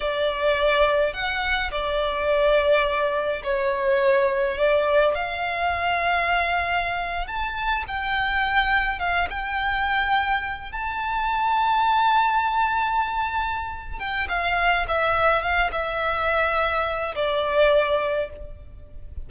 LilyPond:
\new Staff \with { instrumentName = "violin" } { \time 4/4 \tempo 4 = 105 d''2 fis''4 d''4~ | d''2 cis''2 | d''4 f''2.~ | f''8. a''4 g''2 f''16~ |
f''16 g''2~ g''8 a''4~ a''16~ | a''1~ | a''8 g''8 f''4 e''4 f''8 e''8~ | e''2 d''2 | }